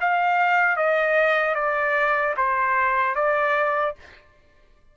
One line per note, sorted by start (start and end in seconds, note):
0.00 0.76 F5
0.76 1.55 D#5
1.55 2.35 D5
2.36 3.15 C5
3.15 3.95 D5